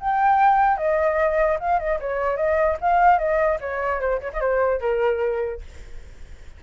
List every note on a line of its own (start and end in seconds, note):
0.00 0.77 G5
0.77 1.58 D#5
1.60 1.79 F5
1.79 1.99 D#5
2.00 2.37 C#5
2.37 2.77 D#5
2.81 3.18 F5
3.18 3.59 D#5
3.60 4.01 C#5
4.01 4.21 C5
4.21 4.31 C#5
4.33 4.40 D#5
4.40 4.80 C5
4.80 5.61 A#4